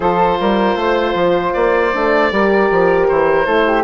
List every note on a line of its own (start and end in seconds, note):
0.00 0.39 F3
0.00 1.90 F4
0.00 0.38 A4
0.00 1.53 C5
0.39 0.75 G3
0.39 0.78 A#4
0.75 1.14 A3
0.75 2.33 C5
1.14 1.52 F3
1.53 1.93 A#3
1.53 3.07 D5
1.93 2.31 A3
1.93 2.30 D4
2.30 2.70 G3
2.30 3.45 G4
2.30 3.45 A#4
2.70 3.09 F3
3.08 3.46 E3
3.08 3.83 C5
3.45 3.83 A3
3.45 3.83 E4
3.45 3.64 A4
3.66 3.83 G4